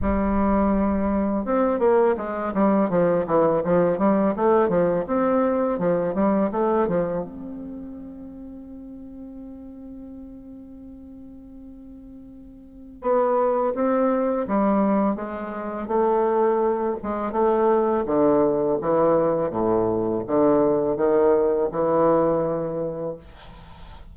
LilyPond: \new Staff \with { instrumentName = "bassoon" } { \time 4/4 \tempo 4 = 83 g2 c'8 ais8 gis8 g8 | f8 e8 f8 g8 a8 f8 c'4 | f8 g8 a8 f8 c'2~ | c'1~ |
c'2 b4 c'4 | g4 gis4 a4. gis8 | a4 d4 e4 a,4 | d4 dis4 e2 | }